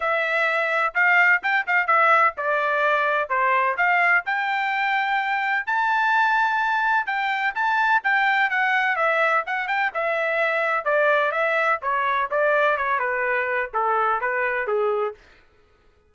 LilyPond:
\new Staff \with { instrumentName = "trumpet" } { \time 4/4 \tempo 4 = 127 e''2 f''4 g''8 f''8 | e''4 d''2 c''4 | f''4 g''2. | a''2. g''4 |
a''4 g''4 fis''4 e''4 | fis''8 g''8 e''2 d''4 | e''4 cis''4 d''4 cis''8 b'8~ | b'4 a'4 b'4 gis'4 | }